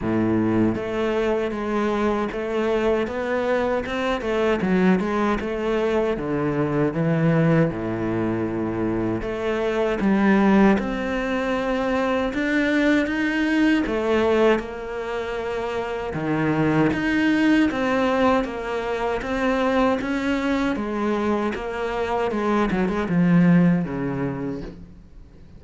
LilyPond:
\new Staff \with { instrumentName = "cello" } { \time 4/4 \tempo 4 = 78 a,4 a4 gis4 a4 | b4 c'8 a8 fis8 gis8 a4 | d4 e4 a,2 | a4 g4 c'2 |
d'4 dis'4 a4 ais4~ | ais4 dis4 dis'4 c'4 | ais4 c'4 cis'4 gis4 | ais4 gis8 fis16 gis16 f4 cis4 | }